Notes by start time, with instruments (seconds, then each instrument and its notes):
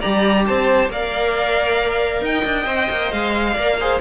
0.00 cello G3, viola G4, violin D5 A#5
0.46 cello C4, violin C5 A5
0.89 cello A#3, viola A#4, violin D5 F5
2.21 cello D#4, violin D#5 G5
2.44 cello D4
2.66 cello C4, viola C5
2.90 cello A#3
3.11 cello G#3, violin F5
3.53 cello A#3, viola A#4, violin D5
3.80 viola G#4, violin C5